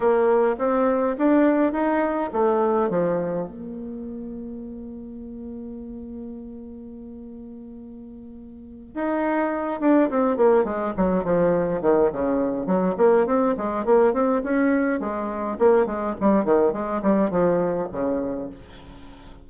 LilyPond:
\new Staff \with { instrumentName = "bassoon" } { \time 4/4 \tempo 4 = 104 ais4 c'4 d'4 dis'4 | a4 f4 ais2~ | ais1~ | ais2.~ ais8 dis'8~ |
dis'4 d'8 c'8 ais8 gis8 fis8 f8~ | f8 dis8 cis4 fis8 ais8 c'8 gis8 | ais8 c'8 cis'4 gis4 ais8 gis8 | g8 dis8 gis8 g8 f4 cis4 | }